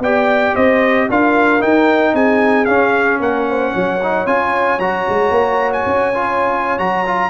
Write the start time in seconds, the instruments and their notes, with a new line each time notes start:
0.00 tuba B3, trombone G4, horn D5, trumpet G5
0.55 tuba C4, horn C5, trumpet D#5
1.09 tuba D4, trombone F4, horn A#4, trumpet F5
1.60 trombone D#4, tuba D#4, trumpet G5
2.13 tuba C4, horn G#4, trumpet G#5
2.65 trombone C#4, tuba C#4, trumpet F5
3.20 tuba A#3, horn A#4, trumpet F#5
3.50 horn C5
3.72 tuba F#3, horn C#5
4.03 trombone D#4
4.26 tuba C#4, trombone F4, trumpet G#5
4.79 tuba F#3, trombone F#4, trumpet A#5
5.09 tuba G#3
5.30 tuba A#3
5.73 trumpet G#5
5.86 tuba C#4
6.14 trombone F4
6.78 tuba F#3, trombone F#4, trumpet A#5
7.06 trombone F4